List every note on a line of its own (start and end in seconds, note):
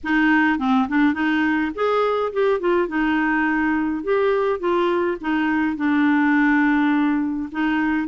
0.03 0.58 D#4
0.58 0.87 C4
0.88 1.13 D4
1.13 1.71 D#4
1.74 2.32 G#4
2.32 2.60 G4
2.60 2.88 F4
2.88 4.03 D#4
4.03 4.59 G4
4.59 5.17 F4
5.21 5.76 D#4
5.76 7.49 D4
7.51 8.08 D#4